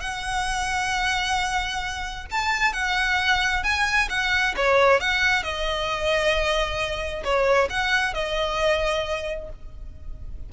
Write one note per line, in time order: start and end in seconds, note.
0.00 2.26 F#5
2.31 2.73 A5
2.73 3.63 F#5
3.63 4.08 G#5
4.09 4.55 F#5
4.56 5.00 C#5
5.00 5.43 F#5
5.43 7.23 D#5
7.23 7.69 C#5
7.70 8.14 F#5
8.14 9.49 D#5